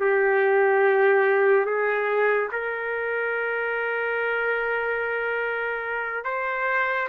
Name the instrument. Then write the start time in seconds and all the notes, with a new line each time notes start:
trumpet
0.00 G4
1.66 G#4
2.52 A#4
6.25 C5